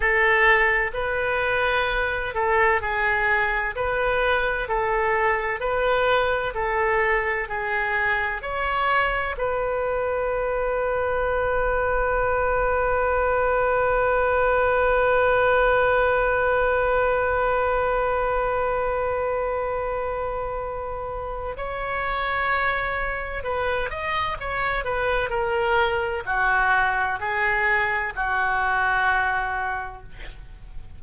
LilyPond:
\new Staff \with { instrumentName = "oboe" } { \time 4/4 \tempo 4 = 64 a'4 b'4. a'8 gis'4 | b'4 a'4 b'4 a'4 | gis'4 cis''4 b'2~ | b'1~ |
b'1~ | b'2. cis''4~ | cis''4 b'8 dis''8 cis''8 b'8 ais'4 | fis'4 gis'4 fis'2 | }